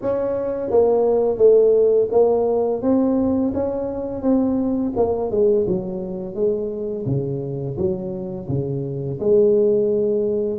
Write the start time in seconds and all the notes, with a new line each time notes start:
0.01 C#4
0.70 A#3
1.37 A3
2.11 A#3
2.82 C4
3.54 C#4
4.22 C4
4.96 A#3
5.30 G#3
5.67 F#3
6.34 G#3
7.05 C#3
7.77 F#3
8.48 C#3
9.20 G#3